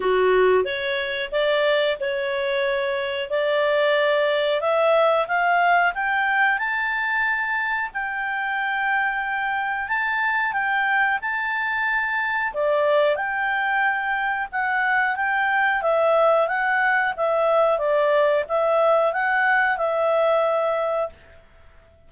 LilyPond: \new Staff \with { instrumentName = "clarinet" } { \time 4/4 \tempo 4 = 91 fis'4 cis''4 d''4 cis''4~ | cis''4 d''2 e''4 | f''4 g''4 a''2 | g''2. a''4 |
g''4 a''2 d''4 | g''2 fis''4 g''4 | e''4 fis''4 e''4 d''4 | e''4 fis''4 e''2 | }